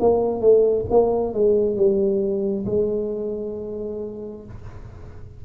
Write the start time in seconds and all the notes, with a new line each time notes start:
0.00 A#3
0.41 A3
0.90 A#3
1.34 G#3
1.76 G3
2.66 G#3